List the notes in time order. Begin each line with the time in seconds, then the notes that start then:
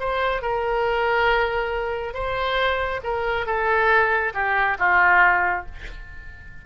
0.00 C5
0.42 A#4
2.14 C5
3.03 A#4
3.46 A4
4.34 G4
4.79 F4